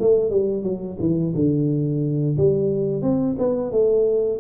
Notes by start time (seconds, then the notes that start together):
0.00 A3
0.30 G3
0.63 F#3
0.99 E3
1.35 D3
2.37 G3
3.02 C4
3.38 B3
3.72 A3